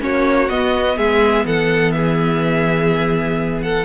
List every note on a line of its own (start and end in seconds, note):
0.00 0.50 A#3
0.00 0.48 C#4
0.00 0.97 F#4
0.00 0.49 C#5
0.49 0.98 B3
0.49 3.85 B3
0.49 0.98 D#5
0.97 1.45 G#3
0.97 1.45 G#4
0.97 1.46 E5
1.45 3.85 E3
1.45 1.94 A4
1.45 1.92 F#5
1.92 3.64 G#4
1.92 3.61 E5
3.63 3.85 A4
3.63 3.85 F#5